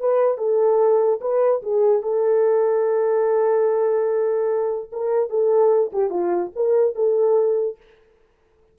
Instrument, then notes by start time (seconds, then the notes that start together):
horn
0.00 B4
0.38 A4
1.21 B4
1.62 G#4
2.03 A4
4.92 A#4
5.30 A4
5.93 G4
6.10 F4
6.56 A#4
6.95 A4